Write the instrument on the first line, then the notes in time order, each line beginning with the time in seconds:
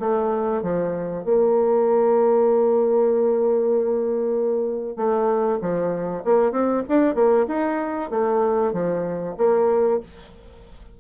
bassoon
0.00 A3
0.63 F3
1.25 A#3
4.97 A3
5.61 F3
6.25 A#3
6.52 C4
6.89 D4
7.15 A#3
7.48 D#4
8.11 A3
8.73 F3
9.38 A#3